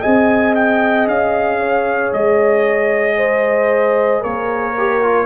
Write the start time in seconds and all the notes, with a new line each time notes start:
0.00 C4 G#4 D#5 G#5
0.55 G5
1.07 C#4 F5
1.59 C#5
2.13 G#3 D#5
3.17 C5
4.21 A#3 A#4 C#5
4.77 G4
5.02 F4